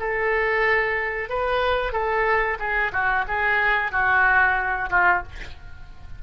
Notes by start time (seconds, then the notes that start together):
0.00 A4
1.30 B4
1.93 A4
2.59 G#4
2.93 F#4
3.28 G#4
3.92 F#4
4.91 F4